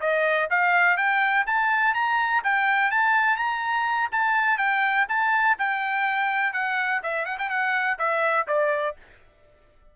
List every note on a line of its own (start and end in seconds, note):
0.00 0.48 D#5
0.50 0.97 F5
0.97 1.45 G5
1.46 1.94 A5
1.94 2.42 A#5
2.44 2.91 G5
2.91 3.37 A5
3.37 4.09 A#5
4.12 4.57 A5
4.57 5.06 G5
5.09 5.57 A5
5.58 6.53 G5
6.53 7.01 F#5
7.03 7.25 E5
7.25 7.37 F#5
7.38 7.49 G5
7.49 7.98 F#5
7.99 8.47 E5
8.47 8.96 D5